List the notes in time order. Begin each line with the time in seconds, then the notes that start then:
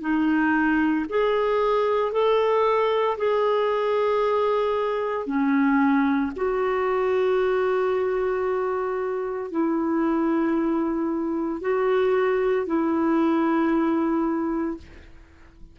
0.00 D#4
1.09 G#4
2.11 A4
3.17 G#4
5.26 C#4
6.35 F#4
9.51 E4
11.61 F#4
12.66 E4